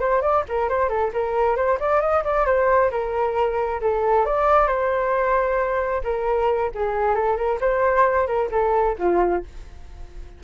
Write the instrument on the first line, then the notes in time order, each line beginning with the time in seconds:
flute
0.00 C5
0.22 D5
0.49 A#4
0.69 C5
0.89 A4
1.14 A#4
1.56 C5
1.80 D5
2.01 D#5
2.24 D5
2.46 C5
2.91 A#4
3.81 A4
4.26 D5
4.68 C5
6.04 A#4
6.75 G#4
7.15 A4
7.37 A#4
7.61 C5
8.27 A#4
8.52 A4
8.99 F4